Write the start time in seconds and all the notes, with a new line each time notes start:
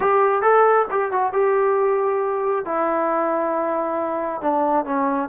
0.00 G4
0.42 A4
0.90 G4
1.11 F#4
1.33 G4
2.65 E4
4.41 D4
4.85 C#4